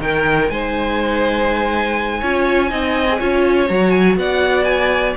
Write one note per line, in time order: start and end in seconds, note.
0.00 0.49 D#3
0.00 2.23 D#4
0.00 0.51 A#4
0.00 0.50 G5
0.50 2.22 G#3
0.50 2.20 C5
0.50 3.68 G#5
2.20 2.72 C#4
2.20 2.70 F4
2.20 2.70 C#5
2.70 3.21 C4
2.70 3.07 D#4
2.70 3.19 D#5
3.09 3.20 G#4
3.19 3.70 C#4
3.19 3.69 F4
3.19 4.17 C#5
3.68 4.17 F#3
3.68 5.17 F#4
3.68 3.90 A#5
3.90 4.15 G#5
4.17 5.15 B3
4.17 5.18 D5
4.17 4.65 F#5
4.65 5.14 G#5